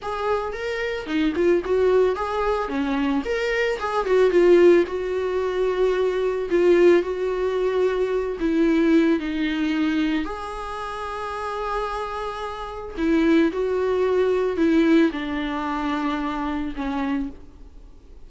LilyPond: \new Staff \with { instrumentName = "viola" } { \time 4/4 \tempo 4 = 111 gis'4 ais'4 dis'8 f'8 fis'4 | gis'4 cis'4 ais'4 gis'8 fis'8 | f'4 fis'2. | f'4 fis'2~ fis'8 e'8~ |
e'4 dis'2 gis'4~ | gis'1 | e'4 fis'2 e'4 | d'2. cis'4 | }